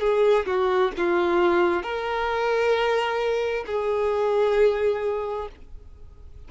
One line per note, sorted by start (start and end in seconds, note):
0.00 0.45 G#4
0.46 0.92 F#4
0.97 1.83 F4
1.83 3.64 A#4
3.67 5.48 G#4